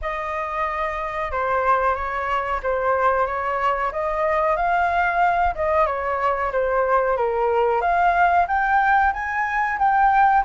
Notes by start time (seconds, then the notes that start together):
0.01 D#5
1.31 C5
1.95 C#5
2.63 C5
3.26 C#5
3.92 D#5
4.56 F5
5.55 D#5
5.86 C#5
6.52 C5
7.17 A#4
7.81 F5
8.47 G5
9.13 G#5
9.78 G5